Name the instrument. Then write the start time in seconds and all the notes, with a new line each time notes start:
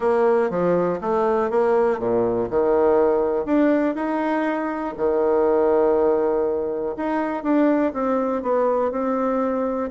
bassoon
0.00 A#3
0.50 F3
1.00 A3
1.50 A#3
1.99 A#2
2.50 D#3
3.45 D4
3.95 D#4
4.97 D#3
6.96 D#4
7.43 D4
7.93 C4
8.42 B3
8.91 C4